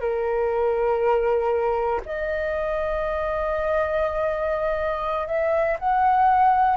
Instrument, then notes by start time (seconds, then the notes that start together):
flute
0.00 A#4
2.05 D#5
5.27 E5
5.79 F#5